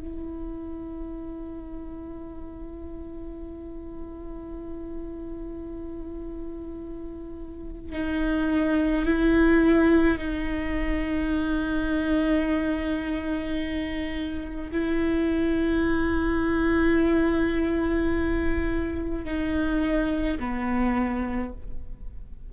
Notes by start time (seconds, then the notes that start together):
0.00 E4
7.92 D#4
9.05 E4
10.18 D#4
14.72 E4
19.25 D#4
20.39 B3